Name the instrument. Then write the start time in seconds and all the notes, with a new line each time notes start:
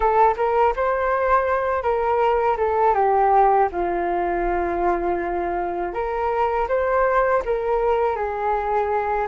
flute
0.00 A4
0.36 A#4
0.76 C5
1.82 A#4
2.57 A4
2.94 G4
3.71 F4
5.93 A#4
6.68 C5
7.45 A#4
8.15 G#4